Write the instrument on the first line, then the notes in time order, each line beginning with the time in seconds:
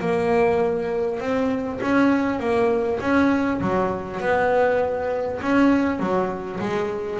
double bass
0.00 A#3
1.20 C4
1.82 C#4
2.39 A#3
3.00 C#4
3.61 F#3
4.20 B3
5.42 C#4
5.99 F#3
6.60 G#3